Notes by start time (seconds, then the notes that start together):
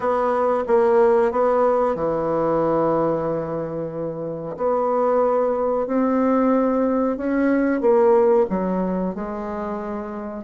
0.00 B3
0.67 A#3
1.31 B3
1.95 E3
4.57 B3
5.87 C4
7.17 C#4
7.80 A#3
8.49 F#3
9.15 G#3